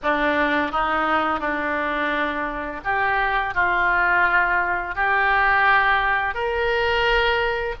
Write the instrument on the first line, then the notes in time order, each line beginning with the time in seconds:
oboe
0.03 D4
0.71 D#4
1.39 D4
2.84 G4
3.54 F4
4.95 G4
6.34 A#4